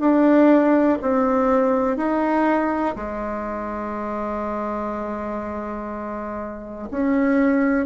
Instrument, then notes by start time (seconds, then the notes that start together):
bassoon
0.00 D4
1.01 C4
1.97 D#4
2.95 G#3
6.91 C#4